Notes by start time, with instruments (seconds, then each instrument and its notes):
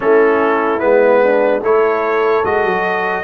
0.00 tuba A3, trombone C#4, horn E4, trumpet A4
0.79 tuba G#3, trombone B3, trumpet B4
1.22 horn D4
1.62 tuba A3, trombone E4, horn A4, trumpet C#5
2.44 tuba G#3, trombone F#4, trumpet D#5
2.64 tuba F#3